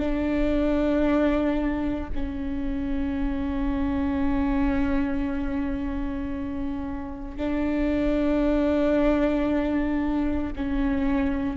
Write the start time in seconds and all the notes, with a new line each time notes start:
0.00 D4
2.15 C#4
7.37 D4
10.56 C#4